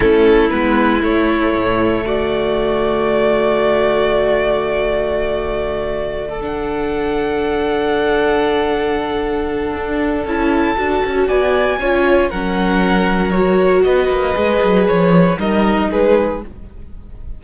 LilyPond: <<
  \new Staff \with { instrumentName = "violin" } { \time 4/4 \tempo 4 = 117 a'4 b'4 cis''2 | d''1~ | d''1~ | d''8 fis''2.~ fis''8~ |
fis''1 | a''2 gis''2 | fis''2 cis''4 dis''4~ | dis''4 cis''4 dis''4 b'4 | }
  \new Staff \with { instrumentName = "violin" } { \time 4/4 e'1 | fis'1~ | fis'1~ | fis'16 a'2.~ a'8.~ |
a'1~ | a'2 d''4 cis''4 | ais'2. b'4~ | b'2 ais'4 gis'4 | }
  \new Staff \with { instrumentName = "viola" } { \time 4/4 cis'4 b4 a2~ | a1~ | a1~ | a8 d'2.~ d'8~ |
d'1 | e'4 fis'2 f'4 | cis'2 fis'2 | gis'2 dis'2 | }
  \new Staff \with { instrumentName = "cello" } { \time 4/4 a4 gis4 a4 a,4 | d1~ | d1~ | d1~ |
d2. d'4 | cis'4 d'8 cis'8 b4 cis'4 | fis2. b8 ais8 | gis8 fis8 f4 g4 gis4 | }
>>